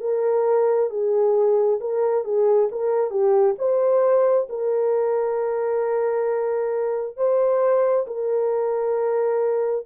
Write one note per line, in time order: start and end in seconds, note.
0.00 0.90 A#4
0.90 1.79 G#4
1.80 2.24 A#4
2.24 2.69 G#4
2.71 3.10 A#4
3.10 3.55 G4
3.58 4.47 C5
4.49 7.16 A#4
7.16 8.06 C5
8.06 9.85 A#4